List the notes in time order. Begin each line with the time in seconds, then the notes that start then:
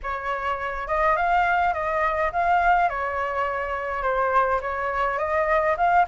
0.02 C#5
0.87 D#5
1.16 F5
1.73 D#5
2.32 F5
2.89 C#5
4.02 C5
4.61 C#5
5.18 D#5
5.77 F5